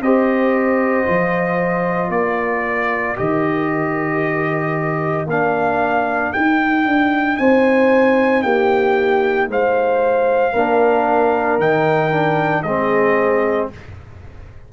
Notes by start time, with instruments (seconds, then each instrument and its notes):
0.00 tuba C4, trombone G4, horn C5, trumpet D#5
1.06 tuba F3, trombone F4
2.09 tuba A#3, horn A#4, trumpet D5
3.16 tuba D#3, trombone G4, trumpet D#5
5.26 tuba A#3, trombone D4, trumpet F5
6.33 trombone D#4, tuba D#4, trumpet G5
6.85 tuba D4
7.37 tuba C4, horn C5, trumpet G#5
8.42 tuba A#3, horn G4, trumpet G5
9.48 tuba G#3, horn C5, trumpet F5
10.53 tuba A#3, trombone D4, horn A#4
11.59 tuba D#3, trombone D#4, trumpet G5
12.12 trombone D4
12.62 tuba G#3, trombone C4, horn G#4, trumpet D#5